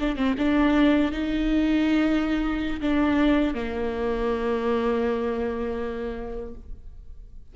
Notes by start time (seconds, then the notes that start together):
0.00 D4
0.16 C4
0.38 D4
1.11 D#4
2.81 D4
3.54 A#3